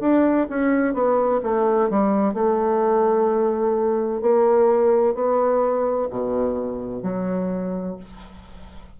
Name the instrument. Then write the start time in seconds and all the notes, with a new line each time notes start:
bassoon
0.00 D4
0.49 C#4
0.94 B3
1.43 A3
1.90 G3
2.34 A3
4.21 A#3
5.14 B3
6.10 B2
7.03 F#3